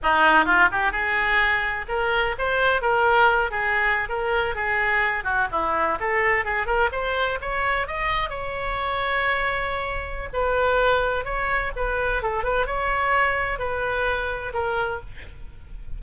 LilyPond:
\new Staff \with { instrumentName = "oboe" } { \time 4/4 \tempo 4 = 128 dis'4 f'8 g'8 gis'2 | ais'4 c''4 ais'4. gis'8~ | gis'8. ais'4 gis'4. fis'8 e'16~ | e'8. a'4 gis'8 ais'8 c''4 cis''16~ |
cis''8. dis''4 cis''2~ cis''16~ | cis''2 b'2 | cis''4 b'4 a'8 b'8 cis''4~ | cis''4 b'2 ais'4 | }